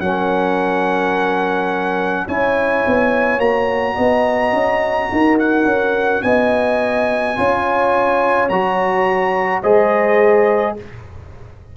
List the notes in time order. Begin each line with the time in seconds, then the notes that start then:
0.00 F#3 C#4 A#4 F#5
2.27 C#4 E4 C#5 G#5
2.87 B3
3.38 A#3 F#4 A#5
3.95 B3 D#5
4.53 C#4
5.12 D#4 A#4
5.39 F#5
5.65 C#4
6.22 B3 D#5 G#5
7.36 C#4 F4 C#5
8.49 F#3 F#4 A#5
9.62 G#3 G#4 C5 D#5